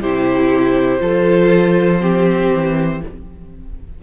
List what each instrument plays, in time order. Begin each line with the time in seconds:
0.00 cello C3, viola E4, violin G4 C5
0.99 cello F3, viola F4, violin A4
2.00 viola C4, violin G4
2.53 cello E3